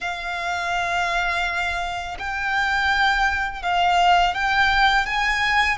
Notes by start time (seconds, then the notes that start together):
0.00 F5
2.18 G5
3.62 F5
4.34 G5
5.05 G#5